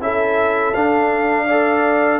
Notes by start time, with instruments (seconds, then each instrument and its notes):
0.00 tuba C#4, trombone E4, horn A4, trumpet E5
0.74 tuba D4, trombone D4, trumpet F5
1.46 trombone A4, horn D5